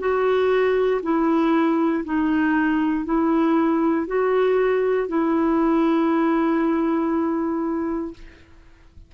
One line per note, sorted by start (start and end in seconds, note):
0.00 1.02 F#4
1.03 2.05 E4
2.05 3.06 D#4
3.06 4.07 E4
4.07 5.08 F#4
5.08 8.14 E4